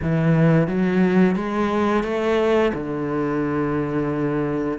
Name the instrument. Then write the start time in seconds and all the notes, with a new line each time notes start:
cello
0.02 E3
0.67 F#3
1.35 G#3
2.03 A3
2.73 D3